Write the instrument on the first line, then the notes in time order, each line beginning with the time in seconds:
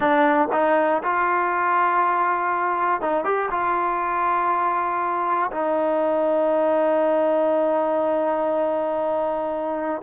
trombone
0.00 D4
0.52 D#4
1.03 F4
3.01 D#4
3.24 G4
3.50 F4
5.51 D#4